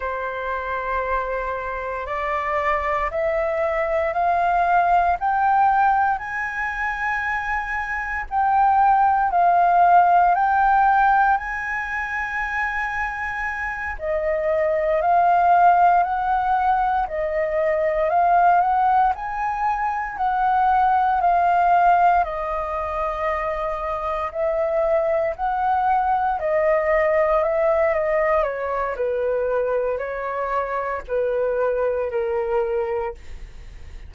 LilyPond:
\new Staff \with { instrumentName = "flute" } { \time 4/4 \tempo 4 = 58 c''2 d''4 e''4 | f''4 g''4 gis''2 | g''4 f''4 g''4 gis''4~ | gis''4. dis''4 f''4 fis''8~ |
fis''8 dis''4 f''8 fis''8 gis''4 fis''8~ | fis''8 f''4 dis''2 e''8~ | e''8 fis''4 dis''4 e''8 dis''8 cis''8 | b'4 cis''4 b'4 ais'4 | }